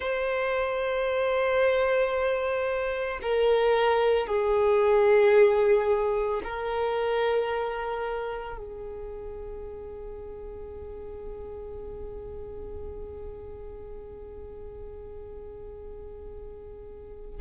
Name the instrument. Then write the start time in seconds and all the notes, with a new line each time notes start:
violin
0.00 C5
3.21 A#4
4.26 G#4
6.43 A#4
8.57 G#4